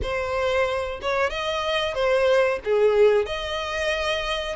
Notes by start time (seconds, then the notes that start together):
0.02 C5
1.01 C#5
1.30 D#5
1.94 C5
2.64 G#4
3.25 D#5